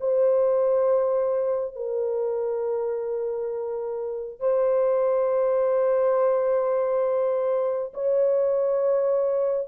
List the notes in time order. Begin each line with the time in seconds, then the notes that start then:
0.00 C5
1.75 A#4
4.39 C5
7.94 C#5